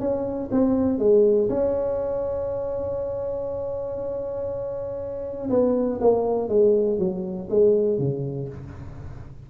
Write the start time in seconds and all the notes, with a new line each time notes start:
0.00 C#4
0.52 C4
0.99 G#3
1.50 C#4
5.50 B3
6.01 A#3
6.49 G#3
6.99 F#3
7.50 G#3
7.99 C#3